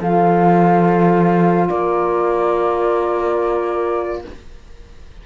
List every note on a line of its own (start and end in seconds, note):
0.00 1.69 F3
0.00 4.26 F4
0.00 1.69 A4
0.00 1.69 F5
1.69 4.24 A#3
1.69 4.23 A#4
1.69 4.22 D5